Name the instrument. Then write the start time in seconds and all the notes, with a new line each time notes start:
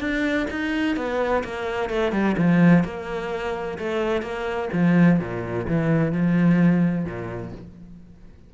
cello
0.00 D4
0.51 D#4
0.97 B3
1.44 A#3
1.90 A3
2.12 G3
2.38 F3
2.84 A#3
3.79 A3
4.22 A#3
4.73 F3
5.20 A#2
5.68 E3
6.12 F3
7.05 A#2